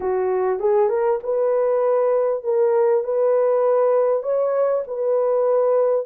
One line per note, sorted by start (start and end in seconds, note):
0.00 0.59 F#4
0.59 0.89 G#4
0.89 1.19 A#4
1.23 2.43 B4
2.43 3.03 A#4
3.03 4.22 B4
4.22 4.83 C#5
4.87 6.06 B4